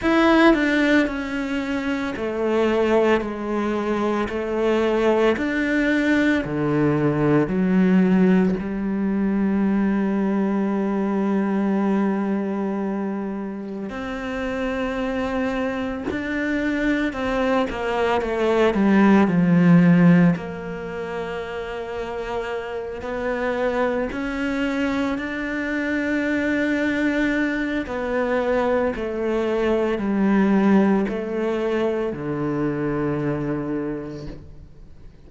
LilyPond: \new Staff \with { instrumentName = "cello" } { \time 4/4 \tempo 4 = 56 e'8 d'8 cis'4 a4 gis4 | a4 d'4 d4 fis4 | g1~ | g4 c'2 d'4 |
c'8 ais8 a8 g8 f4 ais4~ | ais4. b4 cis'4 d'8~ | d'2 b4 a4 | g4 a4 d2 | }